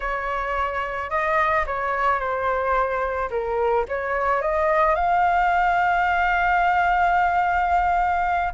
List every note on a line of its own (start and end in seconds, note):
0.00 1.10 C#5
1.10 1.65 D#5
1.66 2.19 C#5
2.19 3.29 C5
3.30 3.85 A#4
3.88 4.41 C#5
4.41 4.95 D#5
4.95 8.53 F5